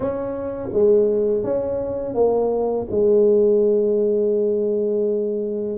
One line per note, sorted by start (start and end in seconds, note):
0.00 0.69 C#4
0.72 1.43 G#3
1.43 2.14 C#4
2.14 2.87 A#3
2.90 5.78 G#3